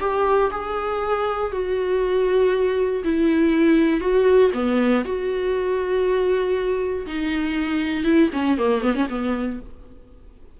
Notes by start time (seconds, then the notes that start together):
0.00 G4
0.51 G#4
1.52 F#4
3.04 E4
4.00 F#4
4.53 B3
5.04 F#4
7.06 D#4
8.04 E4
8.33 C#4
8.58 A#3
8.82 B3
8.95 C#4
9.09 B3